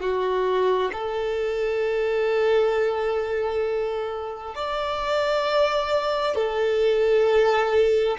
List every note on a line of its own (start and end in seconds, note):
0.00 0.91 F#4
0.93 4.55 A4
4.55 6.35 D5
6.35 8.17 A4